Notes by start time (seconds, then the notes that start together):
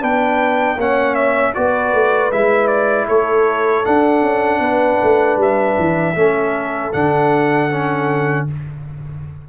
0.00 B3 D4 B4 G5
0.76 A#3 C#4 C#5 F#5
1.15 E5
1.54 B3 F#4 B4 D5
1.93 A3
2.32 G#3 E4 E5
2.67 D5
3.07 A3 A4 C#5
3.84 D4 F#5
4.22 C#4
4.59 B3 B4
5.03 A3
5.37 G3 E5
5.78 E3
6.15 A3 C#4 A4
6.93 D3 D4 F#5
7.70 C#4